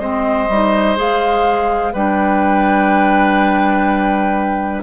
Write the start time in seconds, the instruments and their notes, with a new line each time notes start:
0.00 bassoon G#3, clarinet C4, oboe C5, flute D#5
0.49 bassoon G3, clarinet D#4
0.96 bassoon G#3, clarinet G#4, flute F5
1.93 bassoon G3, clarinet D4, oboe B4, flute G5